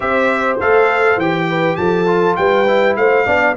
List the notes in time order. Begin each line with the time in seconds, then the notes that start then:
0.00 C4 G4 C5 E5
0.60 A3 A4 F5
1.16 E3 G4 G5
1.48 B4
1.75 F3 A4 A5
2.06 F4
2.36 G3 B4 G5
2.67 E4
2.96 A3 C5 F5
3.26 B3 D4 D5